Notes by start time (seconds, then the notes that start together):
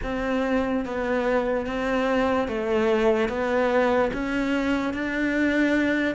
0.03 C4
0.85 B3
1.66 C4
2.47 A3
3.28 B3
4.13 C#4
4.93 D4